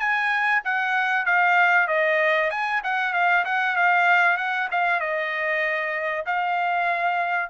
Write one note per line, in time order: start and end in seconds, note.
0.00 0.62 G#5
0.65 1.26 F#5
1.26 1.88 F5
1.88 2.51 D#5
2.51 2.82 G#5
2.84 3.13 F#5
3.13 3.45 F5
3.45 3.76 F#5
3.76 4.38 F5
4.38 4.69 F#5
4.72 5.00 F5
5.00 6.25 D#5
6.27 7.51 F5